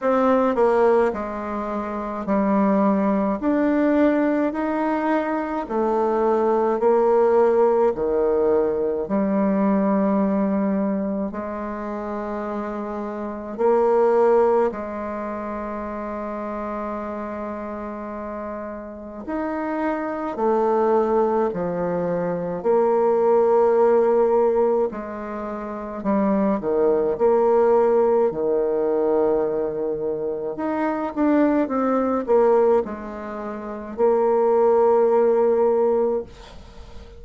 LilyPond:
\new Staff \with { instrumentName = "bassoon" } { \time 4/4 \tempo 4 = 53 c'8 ais8 gis4 g4 d'4 | dis'4 a4 ais4 dis4 | g2 gis2 | ais4 gis2.~ |
gis4 dis'4 a4 f4 | ais2 gis4 g8 dis8 | ais4 dis2 dis'8 d'8 | c'8 ais8 gis4 ais2 | }